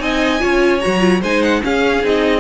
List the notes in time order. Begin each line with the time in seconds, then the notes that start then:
0.00 C4 D#4 D#5 G#5
0.40 C#4 F4 C#5
0.81 F#3 F#4 A#5
1.00 F4
1.22 G#3 D#4 C5 G#5
1.43 F#5
1.62 C#4 G#4 F5
2.04 C4 D#4 D#5